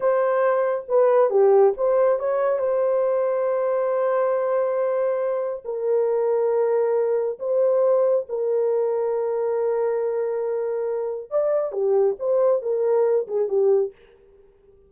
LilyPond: \new Staff \with { instrumentName = "horn" } { \time 4/4 \tempo 4 = 138 c''2 b'4 g'4 | c''4 cis''4 c''2~ | c''1~ | c''4 ais'2.~ |
ais'4 c''2 ais'4~ | ais'1~ | ais'2 d''4 g'4 | c''4 ais'4. gis'8 g'4 | }